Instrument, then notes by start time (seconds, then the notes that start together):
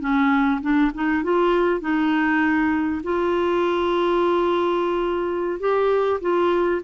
clarinet
0.00 C#4
0.61 D4
0.94 D#4
1.23 F4
1.80 D#4
3.03 F4
5.60 G4
6.21 F4